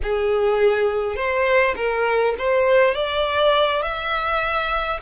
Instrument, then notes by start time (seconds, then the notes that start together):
violin
0.02 G#4
1.16 C5
1.76 A#4
2.38 C5
2.94 D5
3.82 E5